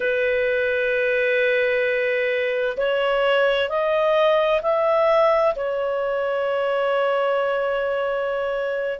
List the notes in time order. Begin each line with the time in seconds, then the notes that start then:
0.00 B4
2.77 C#5
3.69 D#5
4.62 E5
5.56 C#5